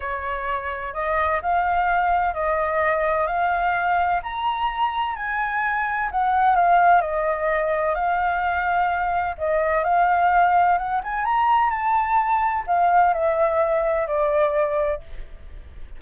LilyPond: \new Staff \with { instrumentName = "flute" } { \time 4/4 \tempo 4 = 128 cis''2 dis''4 f''4~ | f''4 dis''2 f''4~ | f''4 ais''2 gis''4~ | gis''4 fis''4 f''4 dis''4~ |
dis''4 f''2. | dis''4 f''2 fis''8 gis''8 | ais''4 a''2 f''4 | e''2 d''2 | }